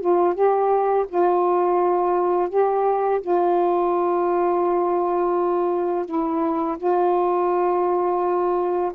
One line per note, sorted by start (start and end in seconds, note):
0.00 0.34 F4
0.34 1.06 G4
1.08 2.49 F4
2.49 3.21 G4
3.21 6.06 F4
6.06 6.77 E4
6.77 8.92 F4